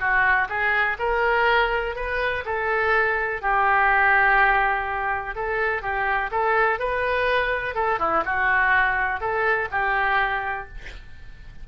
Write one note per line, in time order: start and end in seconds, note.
0.00 0.48 F#4
0.49 0.98 G#4
0.99 1.96 A#4
1.96 2.45 B4
2.45 3.42 A4
3.42 5.36 G4
5.36 5.82 A4
5.82 6.31 G4
6.32 6.79 A4
6.79 7.75 B4
7.75 7.99 A4
8.00 8.24 E4
8.25 9.21 F#4
9.21 9.69 A4
9.72 10.68 G4